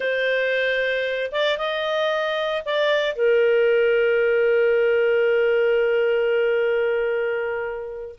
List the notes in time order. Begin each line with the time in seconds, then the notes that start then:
0.00 C5
1.31 D5
1.58 D#5
2.65 D5
3.15 A#4